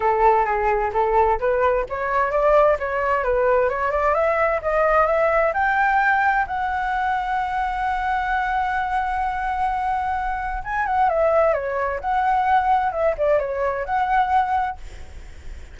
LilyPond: \new Staff \with { instrumentName = "flute" } { \time 4/4 \tempo 4 = 130 a'4 gis'4 a'4 b'4 | cis''4 d''4 cis''4 b'4 | cis''8 d''8 e''4 dis''4 e''4 | g''2 fis''2~ |
fis''1~ | fis''2. gis''8 fis''8 | e''4 cis''4 fis''2 | e''8 d''8 cis''4 fis''2 | }